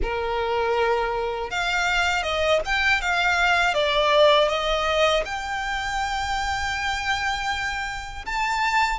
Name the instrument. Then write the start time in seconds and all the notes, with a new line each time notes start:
violin
0.02 A#4
1.50 F5
2.22 D#5
2.65 G5
3.01 F5
3.74 D5
4.48 D#5
5.25 G5
8.25 A5